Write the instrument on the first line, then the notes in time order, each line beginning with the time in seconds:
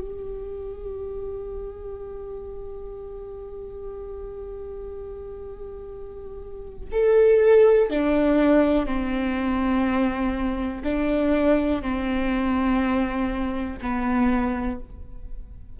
viola
0.00 G4
6.92 A4
7.90 D4
8.86 C4
10.83 D4
11.82 C4
13.81 B3